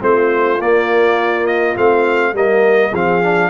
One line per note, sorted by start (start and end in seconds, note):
0.00 0.60 A3
0.00 0.58 C4
0.00 2.34 F4
0.00 0.61 C5
0.60 1.76 A#3
0.60 1.46 D5
1.46 1.75 D#5
1.76 2.33 A3
1.76 2.34 C4
1.76 2.35 F5
2.33 2.91 G3
2.33 2.93 A#3
2.33 2.90 A#4
2.33 2.94 D#5
2.90 3.50 F3
2.90 3.22 C4
2.90 3.48 G#4
2.90 3.50 F5
3.22 3.50 D4